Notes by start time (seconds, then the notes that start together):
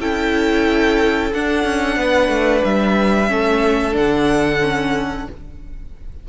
0.00 C#4 E4 A4 G5
1.34 D4 F#5
1.64 C#4
1.96 B3 B4
2.29 A3
2.64 G3 E5
3.28 A3 C#4 A4
3.92 D3 D4 F#5
4.61 C#4